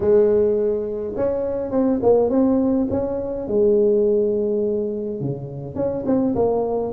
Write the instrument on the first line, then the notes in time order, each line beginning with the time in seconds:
tuba
0.00 G#3
1.15 C#4
1.71 C4
2.02 A#3
2.29 C4
2.90 C#4
3.47 G#3
5.20 C#3
5.75 C#4
6.06 C4
6.35 A#3